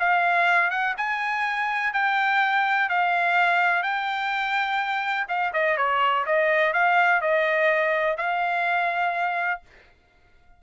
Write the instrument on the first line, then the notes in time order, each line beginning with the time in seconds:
trumpet
0.00 F5
0.71 F#5
0.98 G#5
1.94 G5
2.90 F5
3.83 G5
5.29 F5
5.54 D#5
5.78 C#5
6.26 D#5
6.74 F5
7.22 D#5
8.18 F5